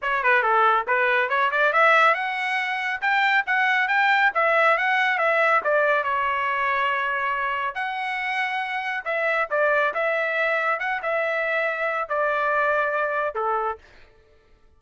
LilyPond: \new Staff \with { instrumentName = "trumpet" } { \time 4/4 \tempo 4 = 139 cis''8 b'8 a'4 b'4 cis''8 d''8 | e''4 fis''2 g''4 | fis''4 g''4 e''4 fis''4 | e''4 d''4 cis''2~ |
cis''2 fis''2~ | fis''4 e''4 d''4 e''4~ | e''4 fis''8 e''2~ e''8 | d''2. a'4 | }